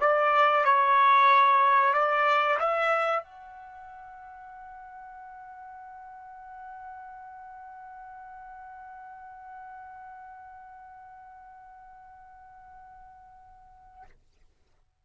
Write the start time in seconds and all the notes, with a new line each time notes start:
0.00 D5
0.65 C#5
1.94 D5
2.59 E5
3.23 F#5